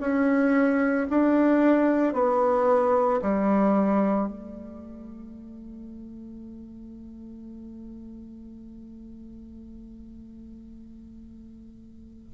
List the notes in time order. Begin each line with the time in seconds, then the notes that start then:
0.00 C#4
1.10 D4
2.13 B3
3.21 G3
4.28 A3